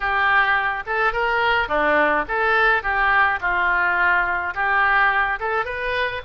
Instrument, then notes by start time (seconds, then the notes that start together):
oboe
0.00 G4
0.86 A4
1.12 A#4
1.68 D4
2.27 A4
2.83 G4
3.40 F4
4.54 G4
5.39 A4
5.64 B4